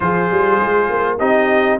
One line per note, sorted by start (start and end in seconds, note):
0.00 0.30 F3
0.00 1.18 F4
0.00 1.18 G#4
0.00 1.17 C5
0.30 0.60 G3
0.61 0.89 G#3
0.89 1.19 A#3
1.18 1.79 C4
1.18 1.79 D#4
1.18 1.78 G4
1.18 1.78 D#5